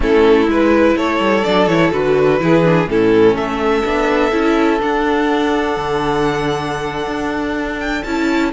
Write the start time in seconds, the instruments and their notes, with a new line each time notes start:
0.00 cello A3, viola C#4, violin E4 A4
0.47 cello G#3, viola E4, violin B4
0.96 cello A3, violin A4 C#5
1.19 cello G3
1.44 cello F#3, viola D4, violin D5
1.66 cello E3, viola E4, violin C#5
1.92 cello D3, viola F#4, violin B4
2.39 cello E3, viola E4, violin G#4
2.64 viola D4
2.87 cello A2, viola C#4, violin E4 A4
3.34 cello A3, violin A4 E5
3.84 cello B3, viola D4
4.31 cello C#4, viola E4
4.79 viola D4, cello D4, violin F#5
5.76 cello D3
7.06 cello D4
7.79 violin G5
8.03 cello C#4, viola E4, violin A5